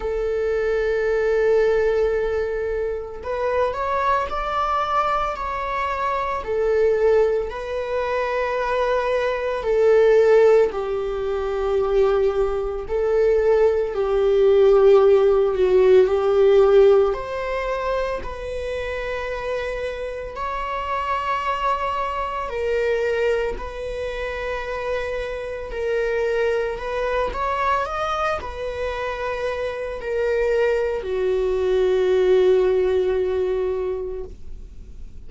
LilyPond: \new Staff \with { instrumentName = "viola" } { \time 4/4 \tempo 4 = 56 a'2. b'8 cis''8 | d''4 cis''4 a'4 b'4~ | b'4 a'4 g'2 | a'4 g'4. fis'8 g'4 |
c''4 b'2 cis''4~ | cis''4 ais'4 b'2 | ais'4 b'8 cis''8 dis''8 b'4. | ais'4 fis'2. | }